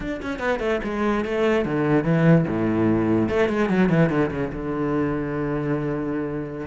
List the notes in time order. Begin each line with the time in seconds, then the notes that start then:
0.00 D4
0.22 C#4
0.39 B3
0.59 A3
0.83 G#3
1.25 A3
1.65 D3
2.04 E3
2.47 A2
3.29 A3
3.48 G#3
3.69 F#3
3.89 E3
4.09 D3
4.31 C#3
4.52 D3